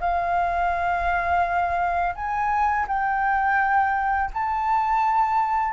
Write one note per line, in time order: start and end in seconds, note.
0.00 2.14 F5
2.15 2.86 G#5
2.87 4.30 G5
4.33 5.73 A5